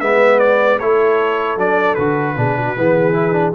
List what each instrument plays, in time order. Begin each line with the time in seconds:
0.00 tuba G#3, trombone B3, horn B4, trumpet E5
0.39 trumpet D5
0.79 tuba A3, trombone E4, horn A4, trumpet C#5
1.57 tuba F#3, trombone D4, trumpet D5
1.95 tuba D3, trombone F#4, trumpet B4
2.37 tuba B2, trombone D4, horn G#4
2.58 horn F#4
2.77 tuba E3, trombone B3, horn G#4
3.14 trombone E4
3.32 trombone D4